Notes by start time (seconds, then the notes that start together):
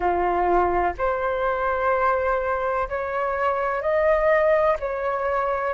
0.00 F4
0.98 C5
2.88 C#5
3.81 D#5
4.79 C#5